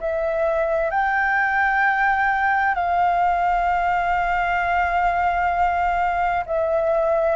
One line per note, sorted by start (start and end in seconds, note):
0.00 0.91 E5
0.91 2.75 G5
2.75 6.44 F5
6.46 7.36 E5